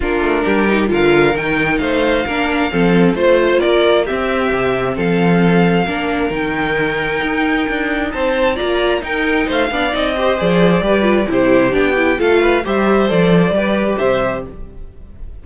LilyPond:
<<
  \new Staff \with { instrumentName = "violin" } { \time 4/4 \tempo 4 = 133 ais'2 f''4 g''4 | f''2. c''4 | d''4 e''2 f''4~ | f''2 g''2~ |
g''2 a''4 ais''4 | g''4 f''4 dis''4 d''4~ | d''4 c''4 g''4 f''4 | e''4 d''2 e''4 | }
  \new Staff \with { instrumentName = "violin" } { \time 4/4 f'4 g'4 ais'2 | c''4 ais'4 a'4 c''4 | ais'4 g'2 a'4~ | a'4 ais'2.~ |
ais'2 c''4 d''4 | ais'4 c''8 d''4 c''4. | b'4 g'2 a'8 b'8 | c''2 b'4 c''4 | }
  \new Staff \with { instrumentName = "viola" } { \time 4/4 d'4. dis'8 f'4 dis'4~ | dis'4 d'4 c'4 f'4~ | f'4 c'2.~ | c'4 d'4 dis'2~ |
dis'2. f'4 | dis'4. d'8 dis'8 g'8 gis'4 | g'8 f'8 e'4 d'8 e'8 f'4 | g'4 a'4 g'2 | }
  \new Staff \with { instrumentName = "cello" } { \time 4/4 ais8 a8 g4 d4 dis4 | a4 ais4 f4 a4 | ais4 c'4 c4 f4~ | f4 ais4 dis2 |
dis'4 d'4 c'4 ais4 | dis'4 a8 b8 c'4 f4 | g4 c4 b4 a4 | g4 f4 g4 c4 | }
>>